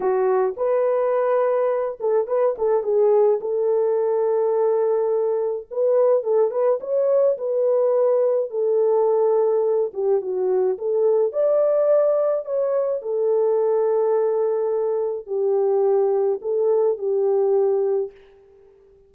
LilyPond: \new Staff \with { instrumentName = "horn" } { \time 4/4 \tempo 4 = 106 fis'4 b'2~ b'8 a'8 | b'8 a'8 gis'4 a'2~ | a'2 b'4 a'8 b'8 | cis''4 b'2 a'4~ |
a'4. g'8 fis'4 a'4 | d''2 cis''4 a'4~ | a'2. g'4~ | g'4 a'4 g'2 | }